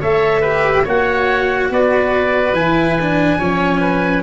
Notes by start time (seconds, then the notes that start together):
0.00 A3 A4 C#5 E5
0.41 G4 B4
0.84 A#3 F#4 C#5 F#5
1.71 B3 B4 D5
2.53 E3 E4 G#5
3.01 D4
3.39 F3 C#4 C#5
3.81 B4